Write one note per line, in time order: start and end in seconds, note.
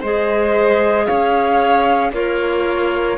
0.00 1.08 G#3
0.00 2.12 G#4
0.00 1.05 C5
0.00 1.06 D#5
1.06 2.12 C#4
1.06 2.11 C#5
1.06 2.11 F5
2.12 3.17 A#3
2.12 3.17 F4
2.12 3.17 A#4
2.12 3.17 C#5